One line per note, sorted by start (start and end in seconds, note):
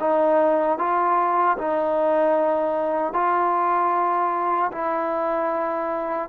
0.00 0.79 D#4
0.79 1.58 F4
1.58 3.13 D#4
3.13 4.71 F4
4.72 6.29 E4